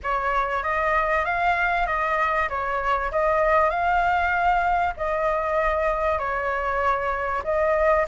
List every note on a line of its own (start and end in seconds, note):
0.03 0.63 C#5
0.63 1.25 D#5
1.25 1.87 F5
1.87 2.49 D#5
2.49 3.11 C#5
3.11 3.70 D#5
3.70 4.93 F5
4.97 6.19 D#5
6.19 7.42 C#5
7.44 8.06 D#5